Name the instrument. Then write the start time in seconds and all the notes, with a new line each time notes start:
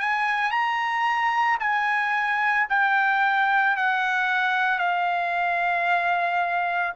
trumpet
0.00 G#5
0.51 A#5
1.60 G#5
2.70 G5
3.77 F#5
4.79 F5